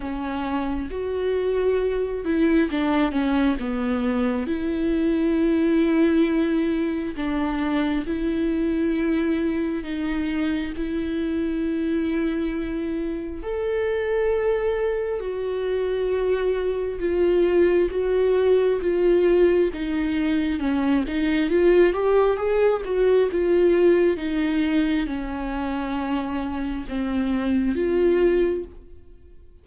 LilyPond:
\new Staff \with { instrumentName = "viola" } { \time 4/4 \tempo 4 = 67 cis'4 fis'4. e'8 d'8 cis'8 | b4 e'2. | d'4 e'2 dis'4 | e'2. a'4~ |
a'4 fis'2 f'4 | fis'4 f'4 dis'4 cis'8 dis'8 | f'8 g'8 gis'8 fis'8 f'4 dis'4 | cis'2 c'4 f'4 | }